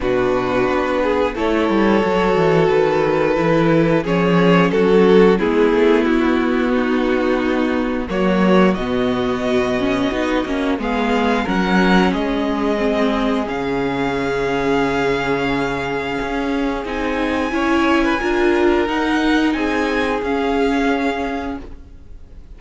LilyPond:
<<
  \new Staff \with { instrumentName = "violin" } { \time 4/4 \tempo 4 = 89 b'2 cis''2 | b'2 cis''4 a'4 | gis'4 fis'2. | cis''4 dis''2. |
f''4 fis''4 dis''2 | f''1~ | f''4 gis''2. | fis''4 gis''4 f''2 | }
  \new Staff \with { instrumentName = "violin" } { \time 4/4 fis'4. gis'8 a'2~ | a'2 gis'4 fis'4 | e'2 dis'2 | fis'1 |
gis'4 ais'4 gis'2~ | gis'1~ | gis'2 cis''8. b'16 ais'4~ | ais'4 gis'2. | }
  \new Staff \with { instrumentName = "viola" } { \time 4/4 d'2 e'4 fis'4~ | fis'4 e'4 cis'2 | b1 | ais4 b4. cis'8 dis'8 cis'8 |
b4 cis'2 c'4 | cis'1~ | cis'4 dis'4 e'4 f'4 | dis'2 cis'2 | }
  \new Staff \with { instrumentName = "cello" } { \time 4/4 b,4 b4 a8 g8 fis8 e8 | dis4 e4 f4 fis4 | gis8 a8 b2. | fis4 b,2 b8 ais8 |
gis4 fis4 gis2 | cis1 | cis'4 c'4 cis'4 d'4 | dis'4 c'4 cis'2 | }
>>